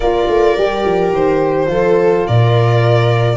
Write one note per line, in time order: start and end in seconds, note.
0.00 0.27 A#3
0.00 0.58 F4
0.00 1.69 A#4
0.00 1.12 D5
0.27 0.55 A3
0.57 0.84 G3
0.57 1.67 G4
0.84 1.12 F3
1.12 1.68 D#3
1.12 2.27 C5
1.67 2.25 F3
1.67 3.36 F4
1.67 2.27 A4
2.27 3.36 A#2
2.27 3.36 A#4
2.27 3.36 D5